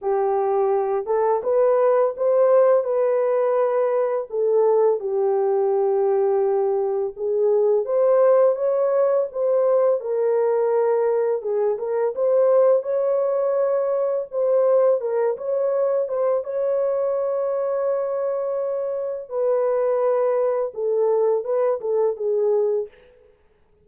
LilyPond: \new Staff \with { instrumentName = "horn" } { \time 4/4 \tempo 4 = 84 g'4. a'8 b'4 c''4 | b'2 a'4 g'4~ | g'2 gis'4 c''4 | cis''4 c''4 ais'2 |
gis'8 ais'8 c''4 cis''2 | c''4 ais'8 cis''4 c''8 cis''4~ | cis''2. b'4~ | b'4 a'4 b'8 a'8 gis'4 | }